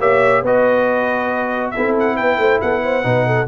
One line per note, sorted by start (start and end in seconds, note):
0.00 0.43 A#3
0.00 0.44 G4
0.00 0.43 C#5
0.00 0.45 E5
0.43 1.73 B3
0.43 1.76 F#4
0.43 1.73 B4
0.43 1.71 D#5
1.71 3.04 E4
1.71 2.17 A4
1.71 1.93 E5
1.78 2.20 C4
2.00 2.17 F#5
2.17 2.38 B3
2.17 2.38 B4
2.17 2.61 G5
2.38 2.60 A3
2.38 2.61 C5
2.61 3.05 B3
2.61 2.83 A4
2.61 3.48 F#5
2.84 3.05 C5
3.04 3.48 B2
3.04 3.47 D#4
3.04 3.27 B4
3.27 3.49 A4